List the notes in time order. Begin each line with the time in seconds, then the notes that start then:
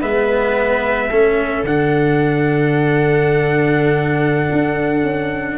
0.00 G#3 B3 B4 E5
1.10 A3 C#4 A4
1.62 D3 D4 F#5
4.52 D4
5.03 C#4